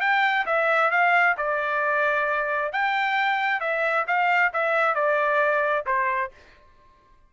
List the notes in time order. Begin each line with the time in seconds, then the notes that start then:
0.00 G5
0.46 E5
0.90 F5
1.37 D5
2.72 G5
3.60 E5
4.07 F5
4.53 E5
4.94 D5
5.86 C5